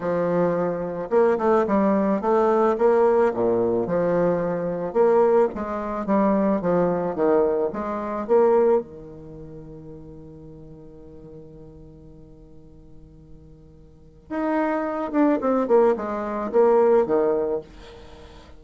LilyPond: \new Staff \with { instrumentName = "bassoon" } { \time 4/4 \tempo 4 = 109 f2 ais8 a8 g4 | a4 ais4 ais,4 f4~ | f4 ais4 gis4 g4 | f4 dis4 gis4 ais4 |
dis1~ | dis1~ | dis2 dis'4. d'8 | c'8 ais8 gis4 ais4 dis4 | }